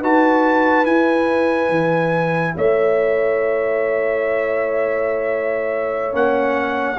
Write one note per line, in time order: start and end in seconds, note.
0.00 0.86 D#4
0.00 0.85 F#4
0.00 2.54 B4
0.00 0.85 A5
0.85 6.12 E4
0.85 1.69 E4
0.85 2.54 G#5
1.69 2.53 E3
2.57 6.13 A3
2.57 6.98 C#5
2.57 6.15 E5
6.12 6.97 A#3
6.12 6.96 C#4
6.12 6.98 F#5